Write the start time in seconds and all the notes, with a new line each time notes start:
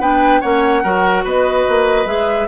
0.00 B3 D4 B4 G5
0.41 A#3 C#4 C#5 F#5
0.84 F#3 F#4 A#4
1.24 B3 B4 D#5
1.69 A#3
2.06 G#3 G#4 E5